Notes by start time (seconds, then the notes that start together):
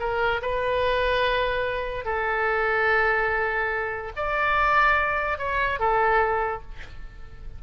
0.00 A#4
0.42 B4
2.06 A4
4.17 D5
5.38 C#5
5.79 A4